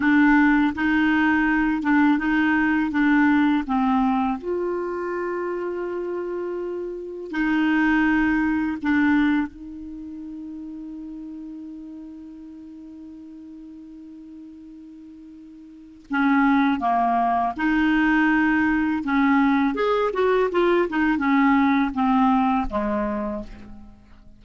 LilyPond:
\new Staff \with { instrumentName = "clarinet" } { \time 4/4 \tempo 4 = 82 d'4 dis'4. d'8 dis'4 | d'4 c'4 f'2~ | f'2 dis'2 | d'4 dis'2.~ |
dis'1~ | dis'2 cis'4 ais4 | dis'2 cis'4 gis'8 fis'8 | f'8 dis'8 cis'4 c'4 gis4 | }